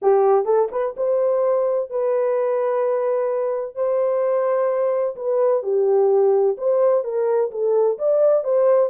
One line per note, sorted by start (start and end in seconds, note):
0.01 0.45 G4
0.45 0.68 A4
0.71 0.95 B4
0.97 1.90 C5
1.90 3.75 B4
3.75 5.15 C5
5.16 5.62 B4
5.62 6.56 G4
6.57 7.04 C5
7.04 7.50 A#4
7.51 7.98 A4
7.98 8.44 D5
8.44 8.90 C5